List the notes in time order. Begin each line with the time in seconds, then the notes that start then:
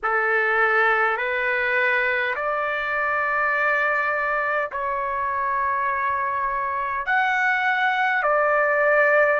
0.02 A4
1.17 B4
2.35 D5
4.71 C#5
7.06 F#5
8.22 D5